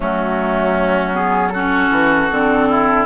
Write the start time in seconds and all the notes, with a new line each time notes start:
0.00 F#3 A3 C#4 F#4
1.13 B3 G#4
1.49 C#4 F#4 A4
1.90 E3
2.30 D3 C4
2.69 E4